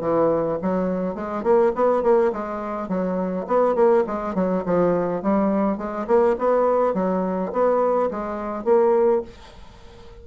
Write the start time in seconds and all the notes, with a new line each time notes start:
0.00 E3
0.62 F#3
1.15 G#3
1.43 A#3
1.75 B3
2.02 A#3
2.32 G#3
2.88 F#3
3.47 B3
3.75 A#3
4.06 G#3
4.35 F#3
4.65 F3
5.22 G3
5.77 G#3
6.07 A#3
6.38 B3
6.94 F#3
7.52 B3
8.10 G#3
8.64 A#3